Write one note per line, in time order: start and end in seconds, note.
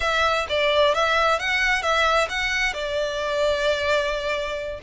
0.00 0.46 E5
0.49 0.94 D5
0.94 1.39 E5
1.39 1.82 F#5
1.82 2.28 E5
2.29 2.73 F#5
2.73 4.79 D5